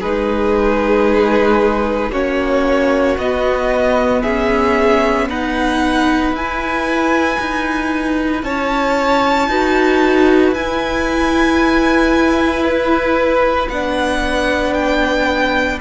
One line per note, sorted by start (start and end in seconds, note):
0.00 2.11 G#3
0.00 2.12 D#4
0.00 2.11 G#4
0.00 2.12 B4
2.11 3.17 A#3
2.11 3.18 C#4
2.11 4.22 F#4
2.11 3.18 C#5
3.17 4.22 B3
3.17 6.34 B3
3.17 4.23 D#5
4.22 5.29 C#4
4.22 5.27 G#4
4.22 5.28 E5
5.29 6.32 D#4
5.29 8.45 B4
5.29 6.36 F#5
6.32 7.38 E4
6.32 9.50 E4
6.32 8.43 G#5
7.40 8.43 D#4
8.43 9.48 C#4
8.43 9.50 C#5
8.43 10.54 A5
9.48 10.52 D#4
9.48 10.55 F#4
9.48 15.81 B4
10.52 13.67 E4
10.52 13.71 E4
10.52 12.64 G#5
12.64 13.69 B4
13.69 15.80 B3
13.69 15.81 D4
13.69 14.74 F#5
14.74 15.79 G5